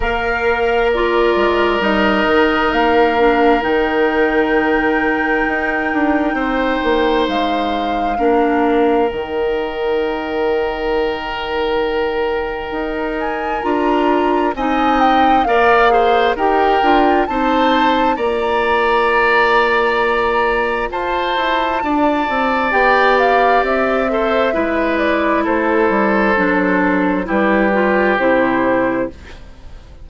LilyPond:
<<
  \new Staff \with { instrumentName = "flute" } { \time 4/4 \tempo 4 = 66 f''4 d''4 dis''4 f''4 | g''1 | f''2 g''2~ | g''2~ g''8 gis''8 ais''4 |
gis''8 g''8 f''4 g''4 a''4 | ais''2. a''4~ | a''4 g''8 f''8 e''4. d''8 | c''2 b'4 c''4 | }
  \new Staff \with { instrumentName = "oboe" } { \time 4/4 ais'1~ | ais'2. c''4~ | c''4 ais'2.~ | ais'1 |
dis''4 d''8 c''8 ais'4 c''4 | d''2. c''4 | d''2~ d''8 c''8 b'4 | a'2 g'2 | }
  \new Staff \with { instrumentName = "clarinet" } { \time 4/4 ais'4 f'4 dis'4. d'8 | dis'1~ | dis'4 d'4 dis'2~ | dis'2. f'4 |
dis'4 ais'8 gis'8 g'8 f'8 dis'4 | f'1~ | f'4 g'4. a'8 e'4~ | e'4 d'4 e'8 f'8 e'4 | }
  \new Staff \with { instrumentName = "bassoon" } { \time 4/4 ais4. gis8 g8 dis8 ais4 | dis2 dis'8 d'8 c'8 ais8 | gis4 ais4 dis2~ | dis2 dis'4 d'4 |
c'4 ais4 dis'8 d'8 c'4 | ais2. f'8 e'8 | d'8 c'8 b4 c'4 gis4 | a8 g8 fis4 g4 c4 | }
>>